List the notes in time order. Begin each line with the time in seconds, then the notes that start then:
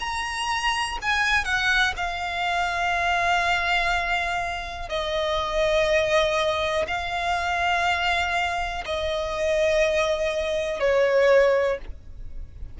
0.00 A#5
1.02 G#5
1.44 F#5
1.97 F5
4.89 D#5
6.87 F5
8.86 D#5
10.80 C#5